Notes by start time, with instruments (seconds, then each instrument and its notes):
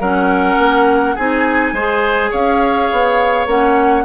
0.00 bassoon F#3, clarinet C#4, oboe A#4, flute F#5
0.58 bassoon A#3
1.15 bassoon C4, clarinet D#4, oboe G#4, flute G#5
1.72 bassoon G#3, clarinet G#4, oboe C5
2.30 bassoon C#4, oboe C#5, flute F5
2.92 bassoon B3
3.47 bassoon A#3, clarinet C#4, flute F#5